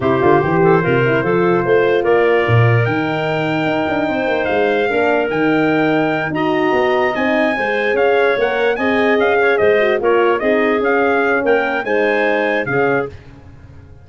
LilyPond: <<
  \new Staff \with { instrumentName = "trumpet" } { \time 4/4 \tempo 4 = 147 c''1~ | c''4 d''2 g''4~ | g''2. f''4~ | f''4 g''2~ g''8 ais''8~ |
ais''4. gis''2 f''8~ | f''8 fis''4 gis''4 f''4 dis''8~ | dis''8 cis''4 dis''4 f''4. | g''4 gis''2 f''4 | }
  \new Staff \with { instrumentName = "clarinet" } { \time 4/4 g'4. a'8 ais'4 a'4 | c''4 ais'2.~ | ais'2 c''2 | ais'2.~ ais'8 dis''8~ |
dis''2~ dis''8 c''4 cis''8~ | cis''4. dis''4. cis''8 c''8~ | c''8 ais'4 gis'2~ gis'8 | ais'4 c''2 gis'4 | }
  \new Staff \with { instrumentName = "horn" } { \time 4/4 e'8 f'8 g'4 f'8 e'8 f'4~ | f'2. dis'4~ | dis'1 | d'4 dis'2~ dis'8 fis'8~ |
fis'4. dis'4 gis'4.~ | gis'8 ais'4 gis'2~ gis'8 | fis'8 f'4 dis'4 cis'4.~ | cis'4 dis'2 cis'4 | }
  \new Staff \with { instrumentName = "tuba" } { \time 4/4 c8 d8 e4 c4 f4 | a4 ais4 ais,4 dis4~ | dis4 dis'8 d'8 c'8 ais8 gis4 | ais4 dis2~ dis8 dis'8~ |
dis'8 b4 c'4 gis4 cis'8~ | cis'8 ais4 c'4 cis'4 gis8~ | gis8 ais4 c'4 cis'4. | ais4 gis2 cis4 | }
>>